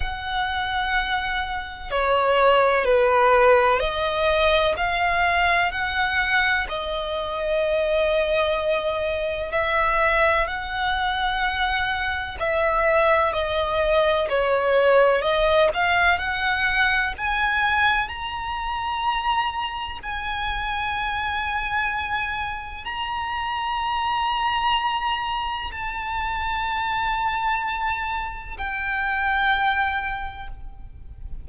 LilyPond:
\new Staff \with { instrumentName = "violin" } { \time 4/4 \tempo 4 = 63 fis''2 cis''4 b'4 | dis''4 f''4 fis''4 dis''4~ | dis''2 e''4 fis''4~ | fis''4 e''4 dis''4 cis''4 |
dis''8 f''8 fis''4 gis''4 ais''4~ | ais''4 gis''2. | ais''2. a''4~ | a''2 g''2 | }